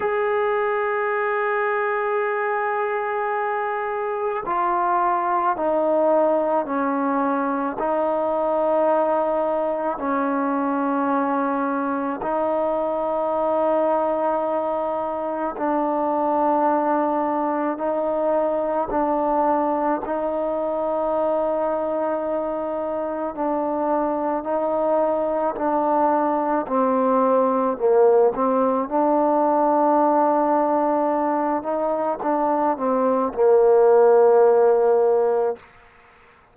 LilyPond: \new Staff \with { instrumentName = "trombone" } { \time 4/4 \tempo 4 = 54 gis'1 | f'4 dis'4 cis'4 dis'4~ | dis'4 cis'2 dis'4~ | dis'2 d'2 |
dis'4 d'4 dis'2~ | dis'4 d'4 dis'4 d'4 | c'4 ais8 c'8 d'2~ | d'8 dis'8 d'8 c'8 ais2 | }